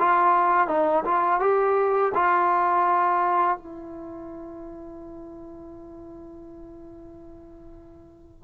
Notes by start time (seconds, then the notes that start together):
0.00 F4
0.68 D#4
1.05 F4
1.41 G4
2.15 F4
3.58 E4